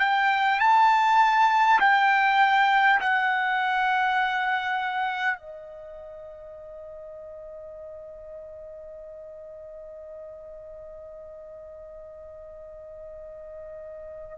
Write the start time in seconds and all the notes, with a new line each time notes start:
0.00 G5
0.60 A5
1.80 G5
3.01 F#5
5.38 D#5